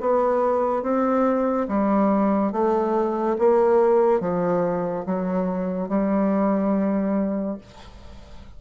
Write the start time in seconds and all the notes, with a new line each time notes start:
0.00 B3
0.82 C4
1.68 G3
2.52 A3
3.38 A#3
4.20 F3
5.06 F#3
5.88 G3